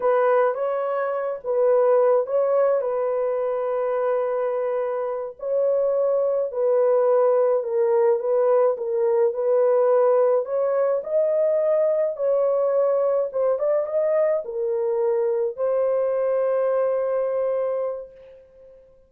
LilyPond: \new Staff \with { instrumentName = "horn" } { \time 4/4 \tempo 4 = 106 b'4 cis''4. b'4. | cis''4 b'2.~ | b'4. cis''2 b'8~ | b'4. ais'4 b'4 ais'8~ |
ais'8 b'2 cis''4 dis''8~ | dis''4. cis''2 c''8 | d''8 dis''4 ais'2 c''8~ | c''1 | }